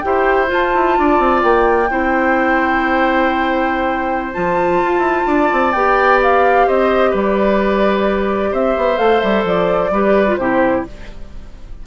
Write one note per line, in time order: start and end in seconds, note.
0.00 0.52 E4
0.00 0.47 G4
0.00 0.47 G5
0.06 0.99 C5
0.47 1.87 F4
0.47 0.75 F4
0.47 1.43 A5
0.75 0.98 E4
0.99 1.19 D4
0.99 1.91 D5
1.19 1.43 C4
1.43 1.90 A#3
1.43 4.33 G5
1.90 4.34 C4
1.90 4.34 E4
1.90 5.28 C5
4.33 4.83 F3
4.33 5.74 F4
4.33 5.73 A5
4.84 4.99 F4
4.99 5.22 E4
5.27 5.50 D4
5.27 6.67 D5
5.53 5.75 C4
5.73 6.68 B3
5.73 8.97 G4
5.73 6.20 G5
6.23 6.69 F5
6.67 7.14 C4
6.67 7.11 C5
6.67 7.15 D#5
7.11 8.53 G3
7.11 8.50 B4
7.11 8.54 D5
8.52 8.76 C4
8.52 9.91 C5
8.52 8.98 E5
8.77 8.99 B3
8.97 9.22 A3
8.97 9.90 A4
8.97 9.21 F5
9.21 9.45 G3
9.21 9.44 E5
9.45 9.91 F3
9.45 10.37 D5
9.91 10.37 G3
9.91 10.28 G4
9.91 10.40 B4
10.28 10.39 F4
10.37 10.84 C3
10.37 10.87 E4
10.37 10.87 G4
10.37 10.83 C5